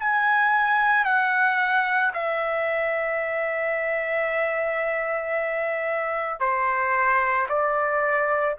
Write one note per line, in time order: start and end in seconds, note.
0.00 1.05 G#5
1.05 2.12 F#5
2.14 6.40 E5
6.40 7.48 C5
7.49 8.56 D5